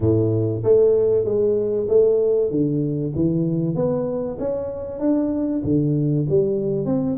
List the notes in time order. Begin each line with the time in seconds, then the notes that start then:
0.00 A2
0.63 A3
1.24 G#3
1.88 A3
2.50 D3
3.15 E3
3.75 B3
4.39 C#4
4.99 D4
5.64 D3
6.29 G3
6.85 C4